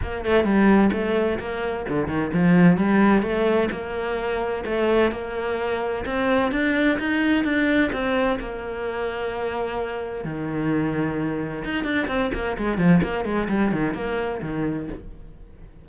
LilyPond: \new Staff \with { instrumentName = "cello" } { \time 4/4 \tempo 4 = 129 ais8 a8 g4 a4 ais4 | d8 dis8 f4 g4 a4 | ais2 a4 ais4~ | ais4 c'4 d'4 dis'4 |
d'4 c'4 ais2~ | ais2 dis2~ | dis4 dis'8 d'8 c'8 ais8 gis8 f8 | ais8 gis8 g8 dis8 ais4 dis4 | }